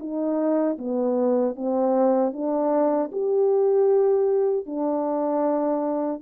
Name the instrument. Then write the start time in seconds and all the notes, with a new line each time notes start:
horn
0.00 D#4
0.78 B3
1.56 C4
2.33 D4
3.12 G4
4.66 D4